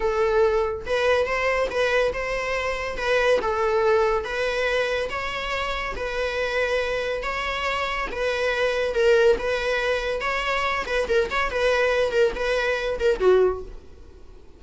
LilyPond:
\new Staff \with { instrumentName = "viola" } { \time 4/4 \tempo 4 = 141 a'2 b'4 c''4 | b'4 c''2 b'4 | a'2 b'2 | cis''2 b'2~ |
b'4 cis''2 b'4~ | b'4 ais'4 b'2 | cis''4. b'8 ais'8 cis''8 b'4~ | b'8 ais'8 b'4. ais'8 fis'4 | }